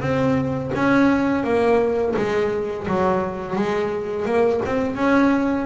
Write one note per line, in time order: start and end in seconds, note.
0.00 0.71 C4
0.75 1.44 C#4
1.44 2.14 A#3
2.16 2.87 G#3
2.87 3.56 F#3
3.56 4.25 G#3
4.25 4.60 A#3
4.65 4.95 C4
4.95 5.66 C#4